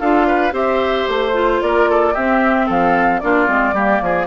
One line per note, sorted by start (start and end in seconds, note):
0.00 0.53 D4
0.00 0.52 F4
0.00 0.27 A4
0.00 0.54 F5
0.27 0.54 B4
0.52 1.06 C4
0.52 1.33 G4
0.52 1.61 C5
0.52 1.09 E5
1.09 1.62 A3
1.09 1.62 C5
1.33 2.14 F4
1.62 2.16 A#3
1.62 1.90 A#4
1.62 2.15 D5
1.90 2.14 A4
2.14 2.70 C4
2.14 3.23 C4
2.14 2.67 G4
2.14 2.69 E5
2.67 3.23 F3
2.67 3.20 A4
2.67 3.20 F5
3.20 3.49 A#3
3.20 3.47 D4
3.20 3.75 F4
3.20 4.27 D5
3.47 3.74 G#3
3.47 3.74 C4
3.74 4.00 G3
3.74 4.27 A#3
3.74 4.02 G4
4.02 4.27 F3
4.02 4.27 G#4